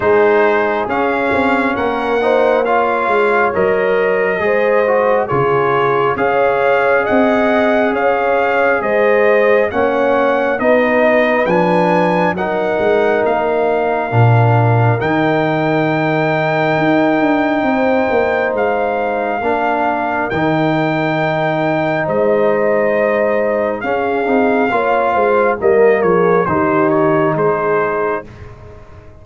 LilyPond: <<
  \new Staff \with { instrumentName = "trumpet" } { \time 4/4 \tempo 4 = 68 c''4 f''4 fis''4 f''4 | dis''2 cis''4 f''4 | fis''4 f''4 dis''4 fis''4 | dis''4 gis''4 fis''4 f''4~ |
f''4 g''2.~ | g''4 f''2 g''4~ | g''4 dis''2 f''4~ | f''4 dis''8 cis''8 c''8 cis''8 c''4 | }
  \new Staff \with { instrumentName = "horn" } { \time 4/4 gis'2 ais'8 c''8 cis''4~ | cis''4 c''4 gis'4 cis''4 | dis''4 cis''4 c''4 cis''4 | b'2 ais'2~ |
ais'1 | c''2 ais'2~ | ais'4 c''2 gis'4 | cis''8 c''8 ais'8 gis'8 g'4 gis'4 | }
  \new Staff \with { instrumentName = "trombone" } { \time 4/4 dis'4 cis'4. dis'8 f'4 | ais'4 gis'8 fis'8 f'4 gis'4~ | gis'2. cis'4 | dis'4 d'4 dis'2 |
d'4 dis'2.~ | dis'2 d'4 dis'4~ | dis'2. cis'8 dis'8 | f'4 ais4 dis'2 | }
  \new Staff \with { instrumentName = "tuba" } { \time 4/4 gis4 cis'8 c'8 ais4. gis8 | fis4 gis4 cis4 cis'4 | c'4 cis'4 gis4 ais4 | b4 f4 fis8 gis8 ais4 |
ais,4 dis2 dis'8 d'8 | c'8 ais8 gis4 ais4 dis4~ | dis4 gis2 cis'8 c'8 | ais8 gis8 g8 f8 dis4 gis4 | }
>>